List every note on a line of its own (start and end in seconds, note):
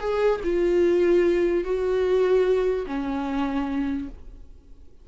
0.00 0.41 G#4
0.44 1.64 F4
1.64 2.86 F#4
2.87 4.08 C#4